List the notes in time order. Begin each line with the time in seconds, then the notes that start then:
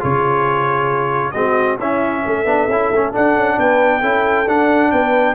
0.00 C#3 F4 G#4 C#5
1.31 G#3 C4 F#4 D#5
1.78 C#4 E4 E5
2.24 A3 A4
2.45 B3 D4
2.68 C#4 E4
2.92 A3 C#4
3.13 D4 F#5
3.36 C#4
3.57 B3 B4 G5
4.00 C#4 E4 A4
4.47 D4 F#5
4.91 B3 B4 G5